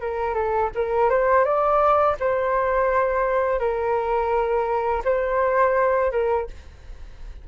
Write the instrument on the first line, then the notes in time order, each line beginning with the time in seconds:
flute
0.00 A#4
0.34 A4
0.75 A#4
1.09 C5
1.44 D5
2.20 C5
3.59 A#4
5.04 C5
6.11 A#4